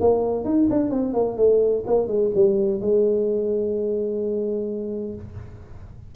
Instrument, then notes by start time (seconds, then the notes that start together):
tuba
0.00 A#3
0.45 D#4
0.70 D4
0.90 C4
1.14 A#3
1.37 A3
1.86 A#3
2.07 G#3
2.35 G3
2.81 G#3